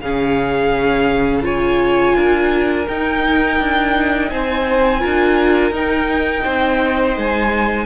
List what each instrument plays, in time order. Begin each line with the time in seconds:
0.00 cello C#3, viola C#4, violin G#4 F5
1.42 viola F4, violin C#5 G#5
2.15 cello D4, violin A#4
2.88 cello D#4, viola D#4, violin G5
3.59 cello D4
4.29 cello C4, violin C5 G#5
5.00 cello D4, viola F4, violin A#4
5.71 cello D#4, viola D#4, violin G5
6.43 cello C4, violin C5
7.17 cello G#3, violin G#5